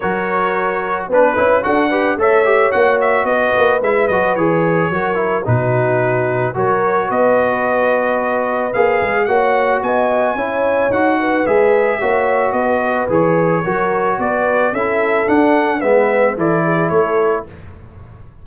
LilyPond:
<<
  \new Staff \with { instrumentName = "trumpet" } { \time 4/4 \tempo 4 = 110 cis''2 b'4 fis''4 | e''4 fis''8 e''8 dis''4 e''8 dis''8 | cis''2 b'2 | cis''4 dis''2. |
f''4 fis''4 gis''2 | fis''4 e''2 dis''4 | cis''2 d''4 e''4 | fis''4 e''4 d''4 cis''4 | }
  \new Staff \with { instrumentName = "horn" } { \time 4/4 ais'2 b'4 a'8 b'8 | cis''2 b'2~ | b'4 ais'4 fis'2 | ais'4 b'2.~ |
b'4 cis''4 dis''4 cis''4~ | cis''8 b'4. cis''4 b'4~ | b'4 ais'4 b'4 a'4~ | a'4 b'4 a'8 gis'8 a'4 | }
  \new Staff \with { instrumentName = "trombone" } { \time 4/4 fis'2 d'8 e'8 fis'8 g'8 | a'8 g'8 fis'2 e'8 fis'8 | gis'4 fis'8 e'8 dis'2 | fis'1 |
gis'4 fis'2 e'4 | fis'4 gis'4 fis'2 | gis'4 fis'2 e'4 | d'4 b4 e'2 | }
  \new Staff \with { instrumentName = "tuba" } { \time 4/4 fis2 b8 cis'8 d'4 | a4 ais4 b8 ais8 gis8 fis8 | e4 fis4 b,2 | fis4 b2. |
ais8 gis8 ais4 b4 cis'4 | dis'4 gis4 ais4 b4 | e4 fis4 b4 cis'4 | d'4 gis4 e4 a4 | }
>>